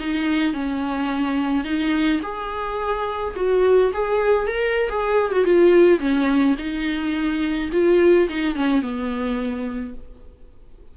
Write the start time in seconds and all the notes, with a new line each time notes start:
0.00 D#4
0.54 C#4
1.65 D#4
2.23 G#4
3.36 F#4
3.94 G#4
4.48 A#4
4.90 G#4
5.32 F#4
5.45 F4
6.00 C#4
6.59 D#4
7.73 F4
8.29 D#4
8.56 C#4
8.82 B3